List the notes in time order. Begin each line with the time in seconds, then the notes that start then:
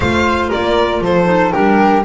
0.00 A3 F4 C5 F5
0.49 A#3 A#4 D5
1.01 F3 A4 C5
1.25 D#4
1.51 G3 D4 G4 A#4